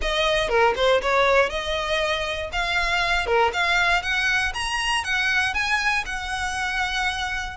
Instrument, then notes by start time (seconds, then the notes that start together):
violin
0.01 D#5
0.48 A#4
0.76 C5
1.01 C#5
1.49 D#5
2.52 F5
3.26 A#4
3.53 F5
4.02 F#5
4.54 A#5
5.04 F#5
5.53 G#5
6.05 F#5